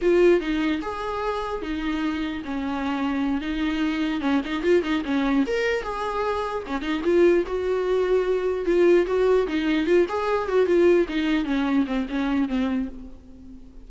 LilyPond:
\new Staff \with { instrumentName = "viola" } { \time 4/4 \tempo 4 = 149 f'4 dis'4 gis'2 | dis'2 cis'2~ | cis'8 dis'2 cis'8 dis'8 f'8 | dis'8 cis'4 ais'4 gis'4.~ |
gis'8 cis'8 dis'8 f'4 fis'4.~ | fis'4. f'4 fis'4 dis'8~ | dis'8 f'8 gis'4 fis'8 f'4 dis'8~ | dis'8 cis'4 c'8 cis'4 c'4 | }